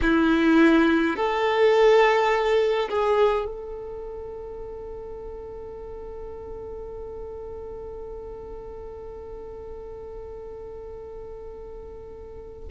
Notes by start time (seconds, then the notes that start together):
0.02 E4
1.16 A4
2.89 G#4
3.45 A4